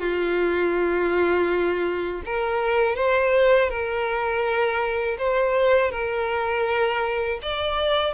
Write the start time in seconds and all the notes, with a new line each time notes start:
0.00 F4
2.26 A#4
2.97 C5
3.70 A#4
5.19 C5
5.92 A#4
7.43 D5